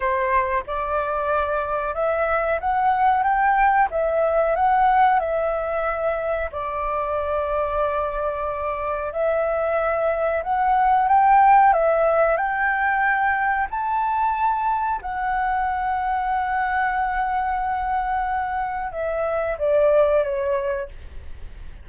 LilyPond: \new Staff \with { instrumentName = "flute" } { \time 4/4 \tempo 4 = 92 c''4 d''2 e''4 | fis''4 g''4 e''4 fis''4 | e''2 d''2~ | d''2 e''2 |
fis''4 g''4 e''4 g''4~ | g''4 a''2 fis''4~ | fis''1~ | fis''4 e''4 d''4 cis''4 | }